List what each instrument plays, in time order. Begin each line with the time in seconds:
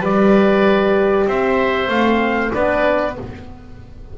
0.00 double bass G3, horn G4, oboe B4, trumpet D5
1.27 double bass C4, oboe C5, trumpet E5
1.88 double bass A3, horn C4, trumpet F5
2.51 double bass B3, horn D4, oboe B4, trumpet D5